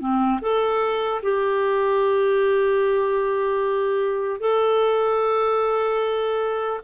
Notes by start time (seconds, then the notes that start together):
0.00 C4
0.42 A4
1.23 G4
4.40 A4